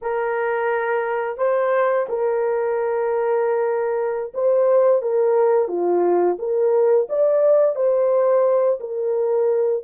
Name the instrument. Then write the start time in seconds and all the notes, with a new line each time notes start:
horn
0.01 A#4
1.37 C5
2.08 A#4
4.34 C5
5.02 A#4
5.68 F4
6.38 A#4
7.09 D5
7.75 C5
8.80 A#4